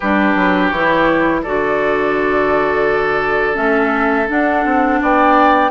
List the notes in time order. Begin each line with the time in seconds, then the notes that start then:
0.00 G3 D4 G4 B4
0.35 F#3
0.68 E3 E4 C#5
1.42 D3 F#4 A4 D5
3.54 A3 C#4 E5
4.28 D4 F#5
4.65 C4
5.02 B3 D5 G5